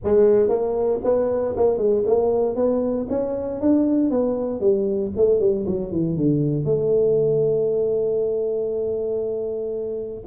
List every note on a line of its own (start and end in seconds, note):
0.03 0.48 G#3
0.48 1.00 A#3
1.04 1.55 B3
1.56 1.77 A#3
1.77 2.03 G#3
2.06 2.55 A#3
2.55 3.07 B3
3.09 3.60 C#4
3.60 4.10 D4
4.10 4.60 B3
4.60 5.11 G3
5.16 5.39 A3
5.39 5.65 G3
5.66 5.91 F#3
5.91 6.17 E3
6.17 6.64 D3
6.64 10.23 A3